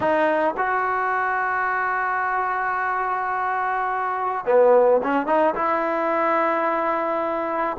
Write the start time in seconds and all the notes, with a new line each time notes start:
0.00 D#4
0.57 F#4
4.45 B3
5.03 C#4
5.26 D#4
5.54 E4